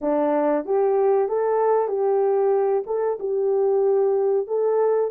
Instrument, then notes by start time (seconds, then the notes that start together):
horn
0.01 D4
0.65 G4
1.28 A4
1.88 G4
2.86 A4
3.19 G4
4.47 A4